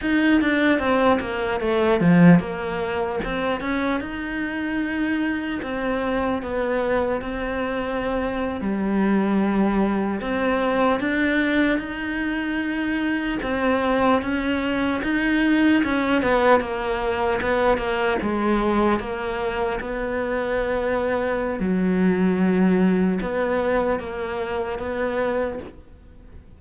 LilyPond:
\new Staff \with { instrumentName = "cello" } { \time 4/4 \tempo 4 = 75 dis'8 d'8 c'8 ais8 a8 f8 ais4 | c'8 cis'8 dis'2 c'4 | b4 c'4.~ c'16 g4~ g16~ | g8. c'4 d'4 dis'4~ dis'16~ |
dis'8. c'4 cis'4 dis'4 cis'16~ | cis'16 b8 ais4 b8 ais8 gis4 ais16~ | ais8. b2~ b16 fis4~ | fis4 b4 ais4 b4 | }